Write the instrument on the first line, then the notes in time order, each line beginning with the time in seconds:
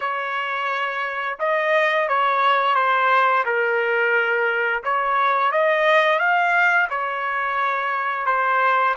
trumpet
0.00 C#5
1.39 D#5
2.08 C#5
2.75 C5
3.45 A#4
4.83 C#5
5.51 D#5
6.19 F5
6.89 C#5
8.25 C5